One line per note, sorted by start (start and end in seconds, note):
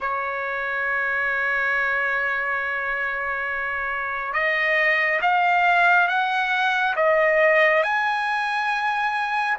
0.00 4.33 C#5
4.33 5.20 D#5
5.21 6.08 F5
6.08 6.94 F#5
6.96 7.83 D#5
7.83 9.57 G#5